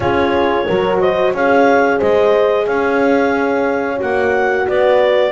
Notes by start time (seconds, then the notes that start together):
0.00 C#4 F4 G#4 C#5
0.66 F#3 F#4 A#4
1.00 C5 D#5
1.33 C#4 G#4 C#5 F5
1.98 G#3 C5 D#5
2.66 C#4 C#5 F5
3.96 A#3 F#4 F#5
4.67 B3 B4 D5